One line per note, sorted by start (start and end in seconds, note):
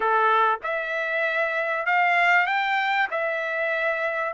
0.00 0.59 A4
0.63 1.86 E5
1.86 2.46 F5
2.46 3.08 G5
3.11 4.33 E5